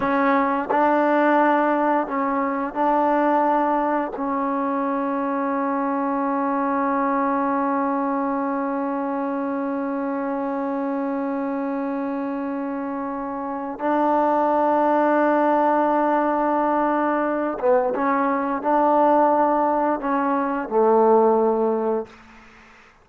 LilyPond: \new Staff \with { instrumentName = "trombone" } { \time 4/4 \tempo 4 = 87 cis'4 d'2 cis'4 | d'2 cis'2~ | cis'1~ | cis'1~ |
cis'1 | d'1~ | d'4. b8 cis'4 d'4~ | d'4 cis'4 a2 | }